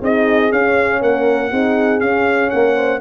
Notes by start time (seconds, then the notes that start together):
0.00 C4 D#4 G#4 D#5
0.51 C#4 F5
1.01 A#3 A#4 F#5
1.50 C4 D#4 G#4
2.00 C#4 F5
2.50 A#3 A#4 F#5
2.75 C5